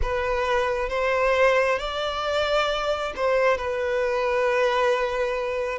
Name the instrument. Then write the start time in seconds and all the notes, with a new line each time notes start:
violin
0.02 B4
0.89 C5
1.79 D5
3.15 C5
3.57 B4